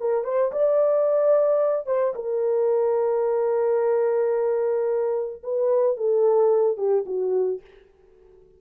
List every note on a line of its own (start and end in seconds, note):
0.00 0.24 A#4
0.24 0.52 C5
0.52 1.86 D5
1.86 2.14 C5
2.15 5.42 A#4
5.43 5.97 B4
5.97 6.77 A4
6.77 7.05 G4
7.06 7.61 F#4